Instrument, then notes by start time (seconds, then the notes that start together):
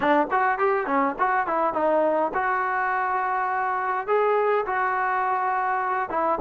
trombone
0.00 D4
0.31 F#4
0.58 G4
0.86 C#4
1.18 F#4
1.46 E4
1.73 D#4
2.34 F#4
4.07 G#4
4.66 F#4
6.09 E4